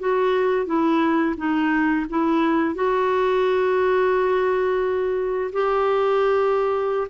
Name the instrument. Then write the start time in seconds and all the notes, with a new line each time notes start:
clarinet
0.00 F#4
0.66 E4
1.37 D#4
2.10 E4
2.75 F#4
5.53 G4